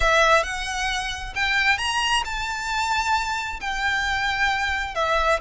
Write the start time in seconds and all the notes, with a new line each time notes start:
0.00 E5
0.43 F#5
1.35 G5
1.78 A#5
2.24 A5
3.60 G5
4.94 E5